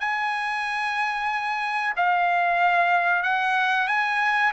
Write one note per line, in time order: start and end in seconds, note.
0.00 1.94 G#5
1.96 3.23 F5
3.23 3.87 F#5
3.87 4.52 G#5